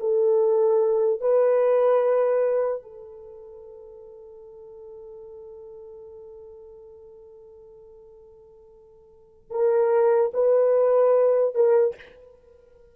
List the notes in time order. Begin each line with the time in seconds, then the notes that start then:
0.00 A4
1.21 B4
2.82 A4
9.50 A#4
10.33 B4
11.55 A#4